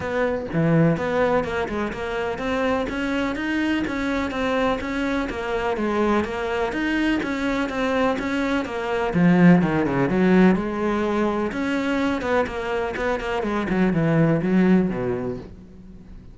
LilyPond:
\new Staff \with { instrumentName = "cello" } { \time 4/4 \tempo 4 = 125 b4 e4 b4 ais8 gis8 | ais4 c'4 cis'4 dis'4 | cis'4 c'4 cis'4 ais4 | gis4 ais4 dis'4 cis'4 |
c'4 cis'4 ais4 f4 | dis8 cis8 fis4 gis2 | cis'4. b8 ais4 b8 ais8 | gis8 fis8 e4 fis4 b,4 | }